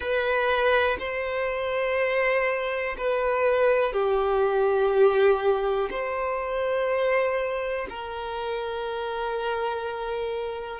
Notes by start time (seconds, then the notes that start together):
0.00 B4
0.99 C5
2.97 B4
3.92 G4
5.90 C5
7.89 A#4